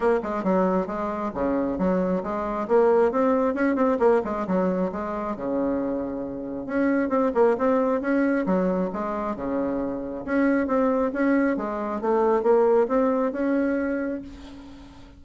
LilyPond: \new Staff \with { instrumentName = "bassoon" } { \time 4/4 \tempo 4 = 135 ais8 gis8 fis4 gis4 cis4 | fis4 gis4 ais4 c'4 | cis'8 c'8 ais8 gis8 fis4 gis4 | cis2. cis'4 |
c'8 ais8 c'4 cis'4 fis4 | gis4 cis2 cis'4 | c'4 cis'4 gis4 a4 | ais4 c'4 cis'2 | }